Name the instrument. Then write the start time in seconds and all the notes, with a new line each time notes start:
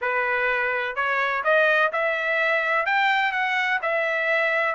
trumpet
0.01 B4
0.95 C#5
1.44 D#5
1.92 E5
2.85 G5
3.32 F#5
3.81 E5